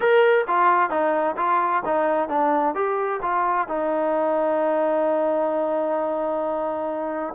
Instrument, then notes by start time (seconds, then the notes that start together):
trombone
0.00 A#4
0.47 F4
0.89 D#4
1.37 F4
1.85 D#4
2.29 D4
2.74 G4
3.22 F4
3.68 D#4